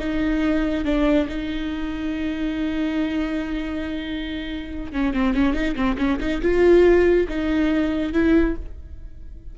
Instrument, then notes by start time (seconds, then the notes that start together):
viola
0.00 D#4
0.86 D4
1.29 D#4
4.93 C#4
5.14 C4
5.35 C#4
5.54 D#4
5.76 C4
5.98 C#4
6.20 D#4
6.42 F4
7.29 D#4
8.13 E4